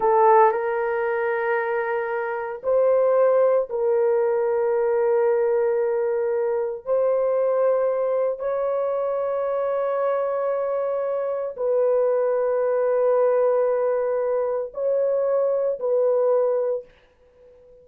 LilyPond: \new Staff \with { instrumentName = "horn" } { \time 4/4 \tempo 4 = 114 a'4 ais'2.~ | ais'4 c''2 ais'4~ | ais'1~ | ais'4 c''2. |
cis''1~ | cis''2 b'2~ | b'1 | cis''2 b'2 | }